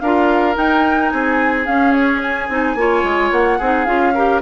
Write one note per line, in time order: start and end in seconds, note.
0.00 0.56 D4
0.00 0.55 F4
0.00 1.13 A#4
0.00 0.55 F5
0.55 1.65 D#4
0.55 1.12 D#4
0.55 1.09 G5
1.09 1.67 C4
1.09 2.79 G#4
1.09 1.64 G#5
1.66 2.48 C#4
1.66 2.49 C#4
1.66 1.92 F5
1.92 2.20 C#5
2.22 3.32 G#5
2.49 2.75 C4
2.49 2.76 D#4
2.75 3.02 A#3
2.75 3.60 F4
2.75 3.58 C#5
3.03 3.31 G#3
3.31 3.59 A#3
3.31 3.85 F#5
3.58 3.87 C4
3.58 3.86 D#4
3.58 4.13 G#4
3.85 4.42 C#4
3.85 4.13 F4
3.85 4.40 F5
4.14 4.42 G4
4.14 4.42 A#4